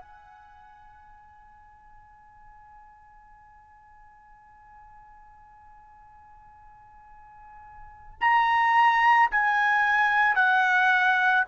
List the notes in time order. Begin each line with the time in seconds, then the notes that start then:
0.00 G#5
8.20 A#5
9.31 G#5
10.35 F#5